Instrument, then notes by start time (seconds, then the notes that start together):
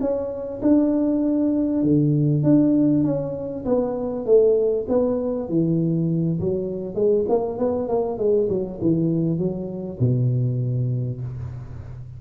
tuba
0.00 C#4
0.61 D4
1.83 D3
2.43 D4
3.04 C#4
3.65 B3
4.25 A3
4.88 B3
5.48 E3
6.40 F#3
6.94 G#3
7.29 A#3
7.58 B3
7.88 A#3
8.18 G#3
8.49 F#3
8.81 E3
9.38 F#3
9.99 B2